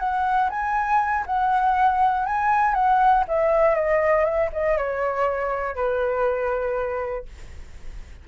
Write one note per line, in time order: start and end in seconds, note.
0.00 0.50 F#5
0.50 1.25 G#5
1.27 2.26 F#5
2.26 2.75 G#5
2.75 3.25 F#5
3.28 3.76 E5
3.76 4.25 D#5
4.25 4.50 E5
4.53 4.78 D#5
4.78 5.76 C#5
5.76 7.26 B4